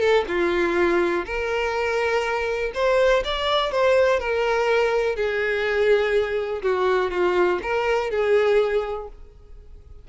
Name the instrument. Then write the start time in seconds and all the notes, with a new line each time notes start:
violin
0.00 A4
0.28 F4
1.26 A#4
2.74 C5
3.24 D5
3.72 C5
4.20 A#4
5.16 G#4
6.62 F#4
7.11 F4
7.62 A#4
8.10 G#4